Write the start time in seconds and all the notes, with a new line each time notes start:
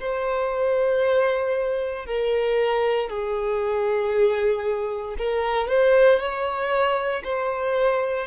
0.00 C5
2.06 A#4
3.09 G#4
5.18 A#4
5.68 C5
6.19 C#5
7.24 C5